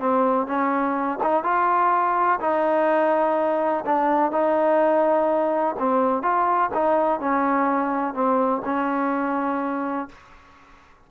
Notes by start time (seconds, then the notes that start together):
0.00 C4
0.47 C#4
1.23 D#4
1.44 F4
2.41 D#4
3.86 D4
4.32 D#4
5.79 C4
6.23 F4
6.74 D#4
7.21 C#4
8.14 C4
8.65 C#4